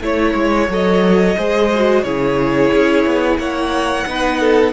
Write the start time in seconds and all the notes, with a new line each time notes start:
0.00 A3 E4 C#5
0.34 G#3
0.68 F#3 A4 D#5
1.37 G#3 G#4 C5
1.74 F#4
2.03 C#3 E4 G#4 C#5
2.72 C#4
3.05 B3
3.37 A#3 C#5 F#5
4.06 B3 D#4 B4
4.40 A4